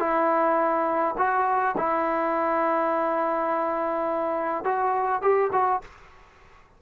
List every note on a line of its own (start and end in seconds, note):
0.00 1.15 E4
1.18 1.76 F#4
1.78 4.65 E4
4.65 5.22 F#4
5.22 5.51 G4
5.53 5.82 F#4